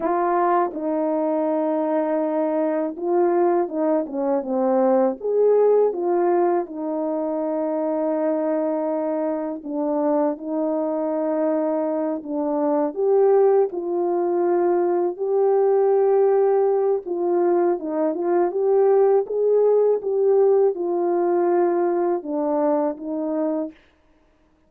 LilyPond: \new Staff \with { instrumentName = "horn" } { \time 4/4 \tempo 4 = 81 f'4 dis'2. | f'4 dis'8 cis'8 c'4 gis'4 | f'4 dis'2.~ | dis'4 d'4 dis'2~ |
dis'8 d'4 g'4 f'4.~ | f'8 g'2~ g'8 f'4 | dis'8 f'8 g'4 gis'4 g'4 | f'2 d'4 dis'4 | }